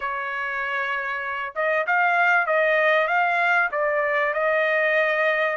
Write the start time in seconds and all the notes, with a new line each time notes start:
0.00 C#5
1.55 D#5
1.86 F5
2.46 D#5
3.07 F5
3.71 D5
4.33 D#5